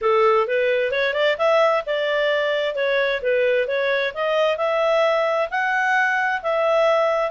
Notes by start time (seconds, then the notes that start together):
0.01 A4
0.47 B4
0.91 C#5
1.13 D5
1.38 E5
1.86 D5
2.75 C#5
3.22 B4
3.67 C#5
4.14 D#5
4.57 E5
5.50 F#5
6.42 E5